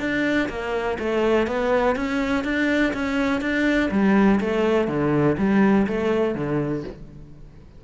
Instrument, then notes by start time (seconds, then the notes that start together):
cello
0.00 D4
0.49 A#3
0.99 A3
1.47 B3
1.96 C#4
2.44 D4
2.94 C#4
3.41 D4
3.91 G3
4.40 A3
4.88 D3
5.38 G3
5.87 A3
6.35 D3